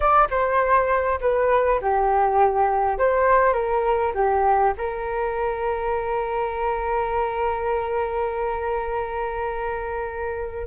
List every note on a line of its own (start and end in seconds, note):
0.00 0.28 D5
0.30 1.19 C5
1.20 1.80 B4
1.81 2.98 G4
2.98 3.53 C5
3.53 4.12 A#4
4.14 4.73 G4
4.77 10.67 A#4